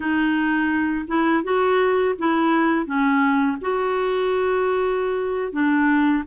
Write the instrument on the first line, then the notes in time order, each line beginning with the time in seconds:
clarinet
0.00 D#4
1.07 E4
1.43 F#4
2.18 E4
2.86 C#4
3.61 F#4
5.52 D4